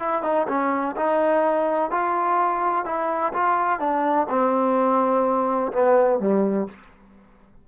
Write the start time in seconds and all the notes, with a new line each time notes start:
0.00 E4
0.23 D#4
0.48 C#4
0.97 D#4
1.91 F4
2.85 E4
3.33 F4
3.80 D4
4.29 C4
5.73 B3
6.20 G3